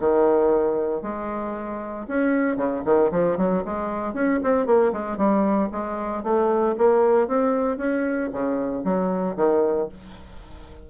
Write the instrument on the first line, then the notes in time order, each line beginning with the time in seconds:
bassoon
0.00 D#3
1.02 G#3
2.08 C#4
2.57 C#3
2.85 D#3
3.12 F3
3.37 F#3
3.65 G#3
4.14 C#4
4.43 C4
4.66 A#3
4.93 G#3
5.17 G3
5.72 G#3
6.23 A3
6.78 A#3
7.28 C4
7.78 C#4
8.33 C#3
8.84 F#3
9.37 D#3